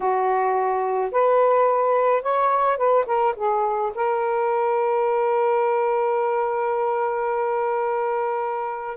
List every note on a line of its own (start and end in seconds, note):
0.00 1.11 F#4
1.11 2.22 B4
2.22 2.77 C#5
2.77 3.05 B4
3.06 3.34 A#4
3.36 3.92 G#4
3.94 8.97 A#4